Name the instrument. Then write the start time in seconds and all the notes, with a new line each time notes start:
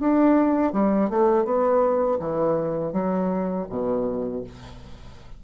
bassoon
0.00 D4
0.73 G3
1.10 A3
1.45 B3
2.20 E3
2.93 F#3
3.70 B2